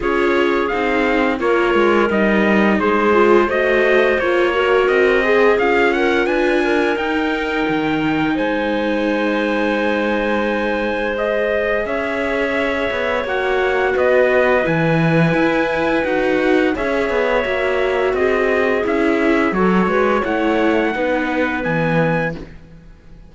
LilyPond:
<<
  \new Staff \with { instrumentName = "trumpet" } { \time 4/4 \tempo 4 = 86 cis''4 f''4 cis''4 dis''4 | c''4 dis''4 cis''4 dis''4 | f''8 fis''8 gis''4 g''2 | gis''1 |
dis''4 e''2 fis''4 | dis''4 gis''2 fis''4 | e''2 dis''4 e''4 | cis''4 fis''2 gis''4 | }
  \new Staff \with { instrumentName = "clarinet" } { \time 4/4 gis'2 ais'2 | gis'4 c''4. ais'4 gis'8~ | gis'8 ais'8 b'8 ais'2~ ais'8 | c''1~ |
c''4 cis''2. | b'1 | cis''2 gis'2 | a'8 b'8 cis''4 b'2 | }
  \new Staff \with { instrumentName = "viola" } { \time 4/4 f'4 dis'4 f'4 dis'4~ | dis'8 f'8 fis'4 f'8 fis'4 gis'8 | f'2 dis'2~ | dis'1 |
gis'2. fis'4~ | fis'4 e'2 fis'4 | gis'4 fis'2 e'4 | fis'4 e'4 dis'4 b4 | }
  \new Staff \with { instrumentName = "cello" } { \time 4/4 cis'4 c'4 ais8 gis8 g4 | gis4 a4 ais4 c'4 | cis'4 d'4 dis'4 dis4 | gis1~ |
gis4 cis'4. b8 ais4 | b4 e4 e'4 dis'4 | cis'8 b8 ais4 c'4 cis'4 | fis8 gis8 a4 b4 e4 | }
>>